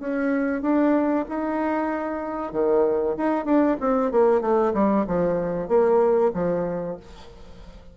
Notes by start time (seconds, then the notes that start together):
0.00 C#4
0.62 D4
1.29 D#4
2.53 D#3
3.17 D#4
3.45 D4
3.80 C4
4.12 A#3
4.41 A3
4.74 G3
5.07 F3
5.68 A#3
6.34 F3